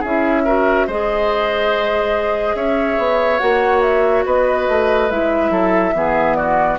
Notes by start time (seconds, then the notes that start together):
0.00 C#4 E4 G#4 E5
0.45 F#4 A#4
0.87 G#3 G#4 C5 D#5
2.55 C#4 C#5 E5
2.98 B3
3.39 A#3 F#4 F#5
3.82 E5
4.26 B3 B4 D#5
4.68 A3
5.10 G#3 E4 E5
5.50 F#3 A4
5.94 E3 B3 G#4
6.36 F#4 D5